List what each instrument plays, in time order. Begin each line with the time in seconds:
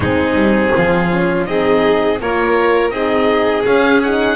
0.00 double bass G#3, horn C4, violin D#4, oboe G#4
0.35 double bass G3
0.75 double bass F3, violin F4
1.10 horn C#4
1.45 double bass C4, horn D#4, violin G#4, oboe D#5
2.20 double bass A#3, horn F4, violin A#4, oboe C#5
2.90 double bass C4, horn D#4, violin G#4, oboe D#5
3.65 double bass C#4, horn C#4, oboe F5
4.03 horn D#4, oboe F#5